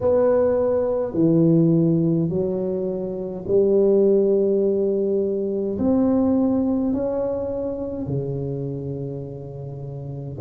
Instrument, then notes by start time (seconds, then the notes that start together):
tuba
0.00 B3
1.13 E3
2.29 F#3
3.47 G3
5.78 C4
6.93 C#4
8.06 C#3